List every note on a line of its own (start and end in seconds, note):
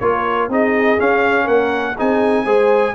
0.00 0.49 A#3
0.00 0.51 F4
0.00 0.52 A#4
0.00 0.49 C#5
0.49 0.98 C4
0.49 0.99 D#4
0.49 1.45 G#4
0.49 1.00 D#5
0.99 1.96 C#4
0.99 1.48 C#4
0.99 1.48 F5
1.45 1.96 A#3
1.45 1.93 A#4
1.45 1.97 F#5
1.98 2.46 C4
1.98 2.46 D#4
1.98 2.44 G#4
1.98 2.95 G#5
2.44 2.95 G#3
2.44 2.95 G#4
2.44 2.93 C5